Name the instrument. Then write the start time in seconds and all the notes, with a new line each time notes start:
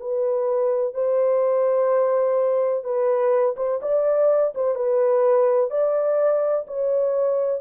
horn
0.00 B4
0.94 C5
2.84 B4
3.57 C5
3.82 D5
4.55 C5
4.75 B4
5.71 D5
6.68 C#5